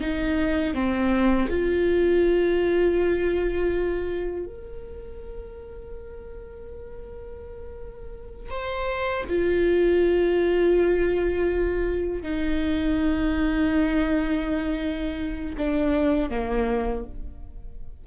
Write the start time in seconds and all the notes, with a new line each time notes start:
0.00 D#4
0.74 C4
1.49 F4
4.45 A#4
8.50 C5
9.29 F4
12.22 D#4
15.57 D4
16.30 A#3